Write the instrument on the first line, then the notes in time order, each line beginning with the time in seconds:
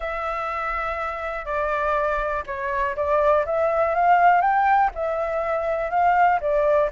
flute
0.00 E5
1.45 D5
2.46 C#5
2.96 D5
3.45 E5
3.94 F5
4.41 G5
4.94 E5
5.90 F5
6.40 D5